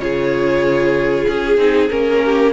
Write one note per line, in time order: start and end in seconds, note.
0.00 1.27 C#3
0.00 1.58 F4
0.00 2.24 G#4
0.00 1.27 C#5
1.28 1.58 C#4
1.28 1.90 G#4
1.58 1.89 C4
1.58 1.89 D#4
1.90 2.53 A#3
1.90 2.53 C#4
1.90 2.53 A#4
2.25 2.53 G4